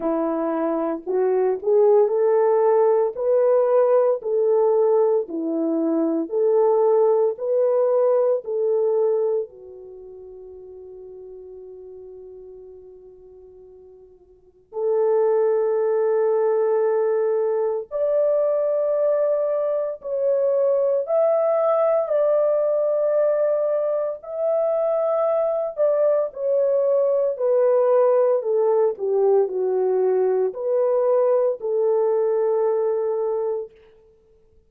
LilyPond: \new Staff \with { instrumentName = "horn" } { \time 4/4 \tempo 4 = 57 e'4 fis'8 gis'8 a'4 b'4 | a'4 e'4 a'4 b'4 | a'4 fis'2.~ | fis'2 a'2~ |
a'4 d''2 cis''4 | e''4 d''2 e''4~ | e''8 d''8 cis''4 b'4 a'8 g'8 | fis'4 b'4 a'2 | }